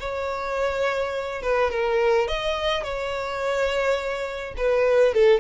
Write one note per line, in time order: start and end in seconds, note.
0.00 1.42 C#5
1.42 1.71 B4
1.71 2.28 A#4
2.28 2.84 D#5
2.84 4.55 C#5
4.57 5.14 B4
5.15 5.41 A4